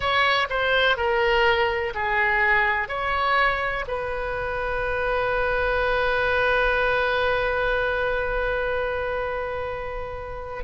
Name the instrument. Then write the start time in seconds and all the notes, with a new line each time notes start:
oboe
0.00 C#5
0.49 C5
0.96 A#4
1.94 G#4
2.88 C#5
3.87 B4